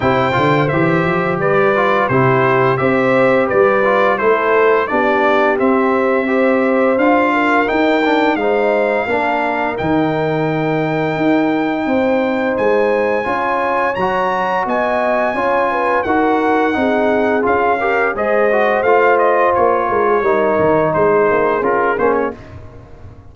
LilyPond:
<<
  \new Staff \with { instrumentName = "trumpet" } { \time 4/4 \tempo 4 = 86 g''4 e''4 d''4 c''4 | e''4 d''4 c''4 d''4 | e''2 f''4 g''4 | f''2 g''2~ |
g''2 gis''2 | ais''4 gis''2 fis''4~ | fis''4 f''4 dis''4 f''8 dis''8 | cis''2 c''4 ais'8 c''16 cis''16 | }
  \new Staff \with { instrumentName = "horn" } { \time 4/4 c''2 b'4 g'4 | c''4 b'4 a'4 g'4~ | g'4 c''4. ais'4. | c''4 ais'2.~ |
ais'4 c''2 cis''4~ | cis''4 dis''4 cis''8 b'8 ais'4 | gis'4. ais'8 c''2~ | c''8 ais'16 gis'16 ais'4 gis'2 | }
  \new Staff \with { instrumentName = "trombone" } { \time 4/4 e'8 f'8 g'4. f'8 e'4 | g'4. f'8 e'4 d'4 | c'4 g'4 f'4 dis'8 d'8 | dis'4 d'4 dis'2~ |
dis'2. f'4 | fis'2 f'4 fis'4 | dis'4 f'8 g'8 gis'8 fis'8 f'4~ | f'4 dis'2 f'8 cis'8 | }
  \new Staff \with { instrumentName = "tuba" } { \time 4/4 c8 d8 e8 f8 g4 c4 | c'4 g4 a4 b4 | c'2 d'4 dis'4 | gis4 ais4 dis2 |
dis'4 c'4 gis4 cis'4 | fis4 b4 cis'4 dis'4 | c'4 cis'4 gis4 a4 | ais8 gis8 g8 dis8 gis8 ais8 cis'8 ais8 | }
>>